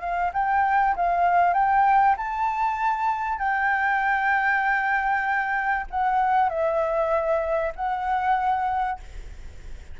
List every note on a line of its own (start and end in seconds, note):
0.00 0.31 F5
0.33 0.95 G5
0.96 1.53 F5
1.53 2.15 G5
2.17 3.39 A5
3.39 5.86 G5
5.90 6.49 F#5
6.49 7.72 E5
7.75 8.99 F#5